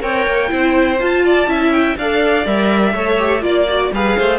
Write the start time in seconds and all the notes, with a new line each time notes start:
0.00 C4 A#4 C#5 G5
0.26 A#3
0.48 C4 E4 C5
0.99 F4 A5
1.25 D5
1.47 C#4 E4 E5
1.72 G5
1.97 D4 A4 D5 F5
2.46 G3 A#4 E5
2.93 A3 A4 C#5
3.18 G4
3.41 A#3 F4 D5
3.69 F#4
3.92 G3 G#4 B4 F5
4.18 A3 C5